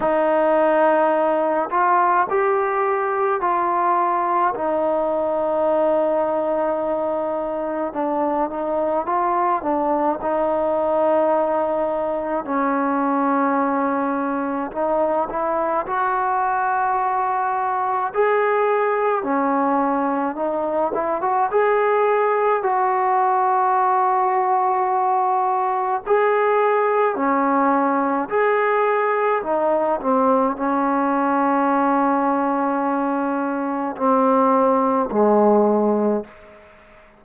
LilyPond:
\new Staff \with { instrumentName = "trombone" } { \time 4/4 \tempo 4 = 53 dis'4. f'8 g'4 f'4 | dis'2. d'8 dis'8 | f'8 d'8 dis'2 cis'4~ | cis'4 dis'8 e'8 fis'2 |
gis'4 cis'4 dis'8 e'16 fis'16 gis'4 | fis'2. gis'4 | cis'4 gis'4 dis'8 c'8 cis'4~ | cis'2 c'4 gis4 | }